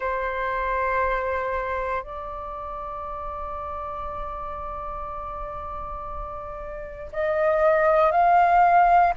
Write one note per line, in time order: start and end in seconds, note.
0.00 2.02 C5
2.02 7.11 D5
7.12 8.11 D#5
8.11 9.12 F5